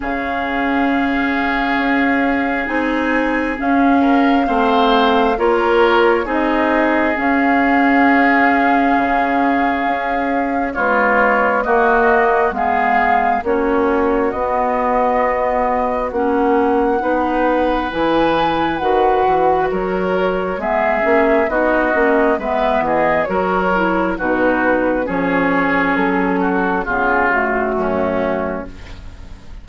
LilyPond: <<
  \new Staff \with { instrumentName = "flute" } { \time 4/4 \tempo 4 = 67 f''2. gis''4 | f''2 cis''4 dis''4 | f''1 | cis''4 dis''4 f''4 cis''4 |
dis''2 fis''2 | gis''4 fis''4 cis''4 e''4 | dis''4 e''8 dis''8 cis''4 b'4 | cis''4 a'4 gis'8 fis'4. | }
  \new Staff \with { instrumentName = "oboe" } { \time 4/4 gis'1~ | gis'8 ais'8 c''4 ais'4 gis'4~ | gis'1 | f'4 fis'4 gis'4 fis'4~ |
fis'2. b'4~ | b'2 ais'4 gis'4 | fis'4 b'8 gis'8 ais'4 fis'4 | gis'4. fis'8 f'4 cis'4 | }
  \new Staff \with { instrumentName = "clarinet" } { \time 4/4 cis'2. dis'4 | cis'4 c'4 f'4 dis'4 | cis'1 | gis4 ais4 b4 cis'4 |
b2 cis'4 dis'4 | e'4 fis'2 b8 cis'8 | dis'8 cis'8 b4 fis'8 e'8 dis'4 | cis'2 b8 a4. | }
  \new Staff \with { instrumentName = "bassoon" } { \time 4/4 cis2 cis'4 c'4 | cis'4 a4 ais4 c'4 | cis'2 cis4 cis'4 | b4 ais4 gis4 ais4 |
b2 ais4 b4 | e4 dis8 e8 fis4 gis8 ais8 | b8 ais8 gis8 e8 fis4 b,4 | f4 fis4 cis4 fis,4 | }
>>